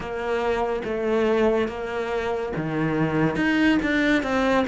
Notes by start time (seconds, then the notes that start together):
0.00 A#3
0.84 A3
1.67 A#3
2.56 D#3
3.36 D#4
3.82 D4
4.23 C4